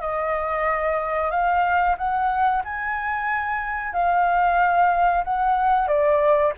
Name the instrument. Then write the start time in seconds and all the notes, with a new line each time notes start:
flute
0.00 D#5
1.30 F5
1.97 F#5
2.64 G#5
3.92 F5
5.24 F#5
5.87 D5